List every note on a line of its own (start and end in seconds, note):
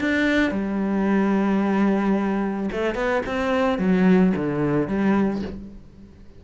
0.00 0.51 D4
0.51 2.70 G3
2.72 2.95 A3
2.95 3.22 B3
3.26 3.78 C4
3.78 4.33 F#3
4.36 4.88 D3
4.88 5.42 G3